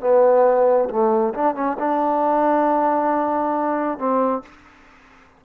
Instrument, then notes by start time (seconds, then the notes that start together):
trombone
0.00 B3
0.89 A3
1.34 D4
1.55 C#4
1.78 D4
3.98 C4